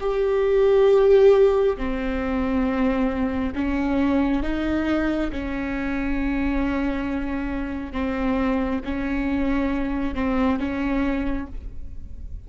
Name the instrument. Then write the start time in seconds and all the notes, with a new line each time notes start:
viola
0.00 G4
1.77 C4
3.55 C#4
4.43 D#4
5.32 C#4
7.93 C4
8.85 C#4
10.15 C4
10.59 C#4